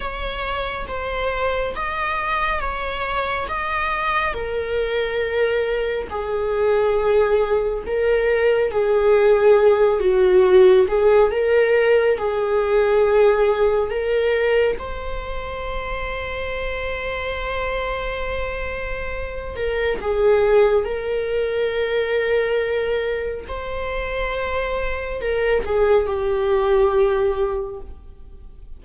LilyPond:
\new Staff \with { instrumentName = "viola" } { \time 4/4 \tempo 4 = 69 cis''4 c''4 dis''4 cis''4 | dis''4 ais'2 gis'4~ | gis'4 ais'4 gis'4. fis'8~ | fis'8 gis'8 ais'4 gis'2 |
ais'4 c''2.~ | c''2~ c''8 ais'8 gis'4 | ais'2. c''4~ | c''4 ais'8 gis'8 g'2 | }